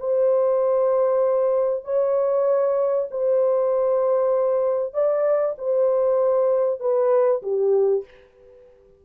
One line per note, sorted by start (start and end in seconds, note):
0.00 1.85 C5
1.85 3.08 C#5
3.11 4.94 C5
4.94 5.56 D5
5.58 6.80 C5
6.80 7.42 B4
7.43 8.05 G4